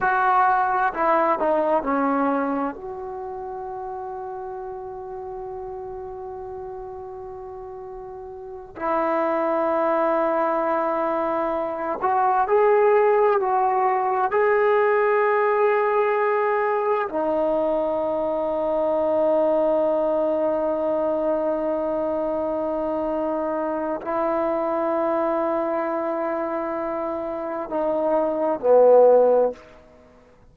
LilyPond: \new Staff \with { instrumentName = "trombone" } { \time 4/4 \tempo 4 = 65 fis'4 e'8 dis'8 cis'4 fis'4~ | fis'1~ | fis'4. e'2~ e'8~ | e'4 fis'8 gis'4 fis'4 gis'8~ |
gis'2~ gis'8 dis'4.~ | dis'1~ | dis'2 e'2~ | e'2 dis'4 b4 | }